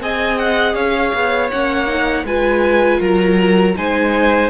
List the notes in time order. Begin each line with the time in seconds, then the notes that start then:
0.00 C4 G#4 D#5 G#5
0.38 F#5
0.74 C#4 C#5 F5
1.14 B3
1.50 A#3 C#4 F#5
1.87 D#4
2.24 G#3 F4 B4 G#5
3.00 F#3 A#4 A#5
3.76 G#3 D#4 C5 G#5